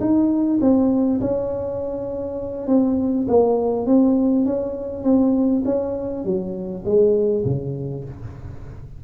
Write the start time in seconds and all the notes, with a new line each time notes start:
0.00 D#4
0.61 C4
1.20 C#4
2.67 C4
3.28 A#3
3.86 C4
4.45 C#4
5.03 C4
5.65 C#4
6.24 F#3
6.85 G#3
7.45 C#3